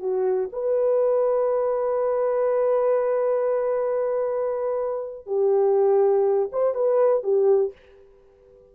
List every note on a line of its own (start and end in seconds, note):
0.00 0.49 F#4
0.53 5.27 B4
5.27 6.50 G4
6.52 6.75 C5
6.75 7.24 B4
7.24 7.73 G4